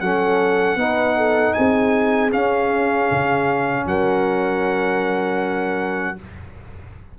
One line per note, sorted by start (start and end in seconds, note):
0.00 0.75 F#3
0.00 0.78 C#4
0.00 0.79 A4
0.00 1.53 F#5
0.75 1.52 B3
0.75 2.31 D#4
0.75 1.17 B4
1.17 1.55 A4
1.53 2.33 C4
1.53 3.87 G#4
1.53 2.30 G#5
2.31 6.16 C#4
2.31 3.10 C#4
2.31 3.86 F5
3.11 3.86 C#3
3.86 6.16 F#3
3.86 6.18 A#4
3.86 6.18 F#5